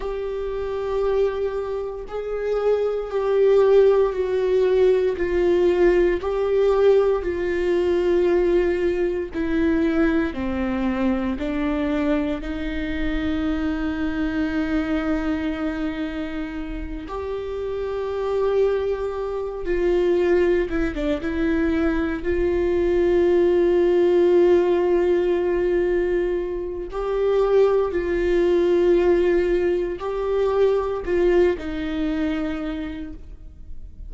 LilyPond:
\new Staff \with { instrumentName = "viola" } { \time 4/4 \tempo 4 = 58 g'2 gis'4 g'4 | fis'4 f'4 g'4 f'4~ | f'4 e'4 c'4 d'4 | dis'1~ |
dis'8 g'2~ g'8 f'4 | e'16 d'16 e'4 f'2~ f'8~ | f'2 g'4 f'4~ | f'4 g'4 f'8 dis'4. | }